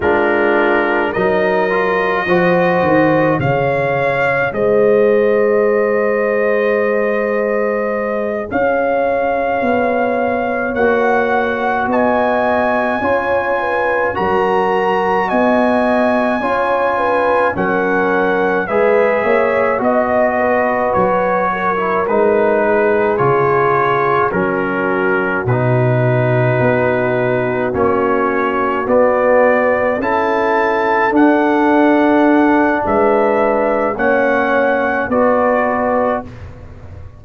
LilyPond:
<<
  \new Staff \with { instrumentName = "trumpet" } { \time 4/4 \tempo 4 = 53 ais'4 dis''2 f''4 | dis''2.~ dis''8 f''8~ | f''4. fis''4 gis''4.~ | gis''8 ais''4 gis''2 fis''8~ |
fis''8 e''4 dis''4 cis''4 b'8~ | b'8 cis''4 ais'4 b'4.~ | b'8 cis''4 d''4 a''4 fis''8~ | fis''4 e''4 fis''4 d''4 | }
  \new Staff \with { instrumentName = "horn" } { \time 4/4 f'4 ais'4 c''4 cis''4 | c''2.~ c''8 cis''8~ | cis''2~ cis''8 dis''4 cis''8 | b'8 ais'4 dis''4 cis''8 b'8 ais'8~ |
ais'8 b'8 cis''8 dis''8 b'4 ais'4 | gis'4. fis'2~ fis'8~ | fis'2~ fis'8 a'4.~ | a'4 b'4 cis''4 b'4 | }
  \new Staff \with { instrumentName = "trombone" } { \time 4/4 d'4 dis'8 f'8 fis'4 gis'4~ | gis'1~ | gis'4. fis'2 f'8~ | f'8 fis'2 f'4 cis'8~ |
cis'8 gis'4 fis'4.~ fis'16 e'16 dis'8~ | dis'8 f'4 cis'4 dis'4.~ | dis'8 cis'4 b4 e'4 d'8~ | d'2 cis'4 fis'4 | }
  \new Staff \with { instrumentName = "tuba" } { \time 4/4 gis4 fis4 f8 dis8 cis4 | gis2.~ gis8 cis'8~ | cis'8 b4 ais4 b4 cis'8~ | cis'8 fis4 b4 cis'4 fis8~ |
fis8 gis8 ais8 b4 fis4 gis8~ | gis8 cis4 fis4 b,4 b8~ | b8 ais4 b4 cis'4 d'8~ | d'4 gis4 ais4 b4 | }
>>